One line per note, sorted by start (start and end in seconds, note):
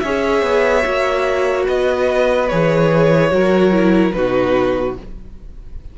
0.00 0.43 C#4
0.00 0.83 G#4
0.00 1.65 C#5
0.00 1.64 E5
0.43 0.84 B3
0.83 1.68 A#3
0.83 2.47 F#4
1.65 2.51 B3
1.65 3.30 B4
1.65 2.49 D#5
2.49 3.32 E3
2.49 3.31 G#4
2.49 4.12 C#5
3.31 4.14 F#3
3.31 3.72 F#4
3.31 4.16 A#4
3.72 4.13 E4
4.12 4.97 B2
4.12 4.96 D#4
4.12 4.99 F#4
4.12 4.95 B4